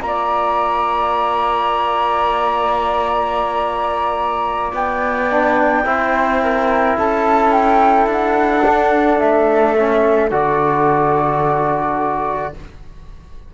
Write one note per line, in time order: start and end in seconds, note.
0.00 4.72 A#3
0.00 5.30 F4
0.00 4.73 A#5
0.07 5.87 D5
4.74 5.85 B3
4.74 6.98 G5
5.31 5.86 D4
5.86 6.97 C4
5.86 8.64 E4
5.86 6.43 C5
6.43 6.98 A#4
6.98 8.07 C#4
6.98 12.54 A4
6.98 7.52 A5
7.52 8.08 G5
8.07 9.18 D4
8.07 9.19 F#5
8.66 9.77 D4
9.19 10.31 A3
9.19 10.30 E5
9.77 10.31 C#4
10.31 12.54 D3
10.31 12.54 F#4
10.31 12.54 D5